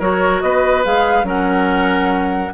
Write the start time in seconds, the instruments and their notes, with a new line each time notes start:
0.00 bassoon F#3, clarinet F#4, oboe A#4, flute C#5
0.42 bassoon B3, oboe B4, flute D#5
0.84 bassoon G#3, clarinet G#4, flute F5
1.23 bassoon F#3, clarinet C#4, oboe A#4, flute F#5